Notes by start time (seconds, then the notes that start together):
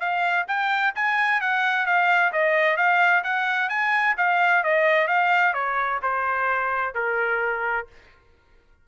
0.00 F5
0.48 G5
0.95 G#5
1.41 F#5
1.86 F5
2.32 D#5
2.77 F5
3.24 F#5
3.69 G#5
4.17 F5
4.63 D#5
5.07 F5
5.54 C#5
6.02 C5
6.94 A#4